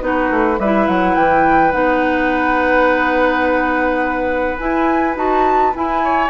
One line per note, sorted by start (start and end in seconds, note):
0.00 0.30 B3
0.00 0.57 D#4
0.00 0.60 F#4
0.00 0.59 B4
0.30 0.58 A3
0.58 0.87 G3
0.58 1.71 E4
0.58 6.02 B4
0.58 0.87 E5
0.87 1.16 F#3
0.87 1.15 F#5
1.15 1.73 E3
1.15 1.72 G5
1.71 4.59 B3
1.71 4.57 D#4
1.71 4.57 F#5
4.58 5.15 E4
4.58 5.16 E4
4.58 5.15 G#5
5.15 5.73 D#4
5.15 5.72 F#4
5.15 5.74 A5
5.74 6.29 E4
5.74 6.29 G#5
6.03 6.29 C#5